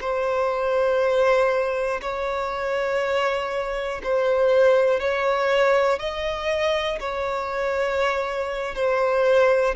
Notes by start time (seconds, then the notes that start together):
0.00 C5
2.01 C#5
4.03 C5
5.00 C#5
5.99 D#5
7.00 C#5
8.75 C5